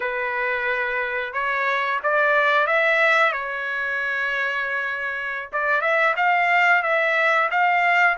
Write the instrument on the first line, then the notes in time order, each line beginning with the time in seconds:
trumpet
0.00 B4
1.33 C#5
2.03 D5
2.66 E5
3.32 C#5
5.52 D5
5.81 E5
6.16 F5
6.82 E5
7.50 F5